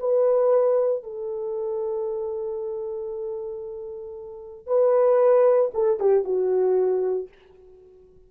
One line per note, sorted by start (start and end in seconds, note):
0.00 1.04 B4
1.04 4.67 A4
4.67 5.72 B4
5.75 6.00 A4
6.00 6.25 G4
6.25 7.29 F#4